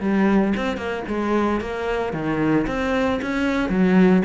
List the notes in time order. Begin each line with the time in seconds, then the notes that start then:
0.00 G3
0.56 C4
0.77 A#3
1.08 G#3
1.60 A#3
2.13 D#3
2.67 C4
3.21 C#4
3.69 F#3